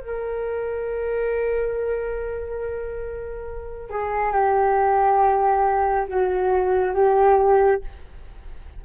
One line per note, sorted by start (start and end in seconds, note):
0.00 3.89 A#4
3.89 4.32 G#4
4.32 6.06 G4
6.08 6.94 F#4
6.94 7.81 G4